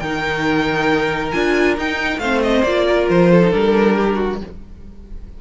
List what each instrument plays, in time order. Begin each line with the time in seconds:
0.00 cello D#3, viola D#4, violin A#4 G5
1.32 cello D4, viola F4, violin G#5
1.77 cello D#4, viola D#4, violin G5
2.19 cello A3, viola C4, violin C5 F5
2.43 violin D#5
2.64 cello A#3, viola F4, violin D5
2.88 violin A#4
3.10 cello F3, violin C5
3.32 violin A4
3.43 viola D#4
3.50 cello G3, viola D4, violin A#4
3.95 violin G4
4.16 violin F#4